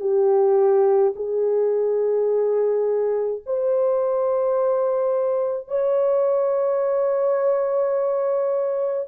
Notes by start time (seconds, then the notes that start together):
0.00 G4
1.15 G#4
3.46 C5
5.68 C#5